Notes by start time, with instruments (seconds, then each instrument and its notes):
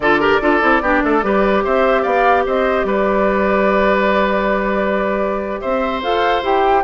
0.00 bassoon D3, clarinet F4, oboe A4, flute D5
0.19 clarinet G4, oboe A#4
0.41 bassoon D4, clarinet F4, oboe A4
0.61 bassoon C4, clarinet E4
0.81 bassoon B3, clarinet D4, oboe G4
1.03 bassoon A3, oboe A4
1.22 bassoon G3, clarinet G4, oboe B4
1.63 bassoon C4, oboe C5, flute E5
2.02 bassoon B3, oboe D5, flute F5
2.46 bassoon C4, oboe C5, flute D#5
2.84 bassoon G3, oboe B4, flute D5
5.60 bassoon C4, oboe C5, flute E5
6.02 bassoon F4, clarinet A4, flute F5
6.42 bassoon E4, clarinet G4, flute G5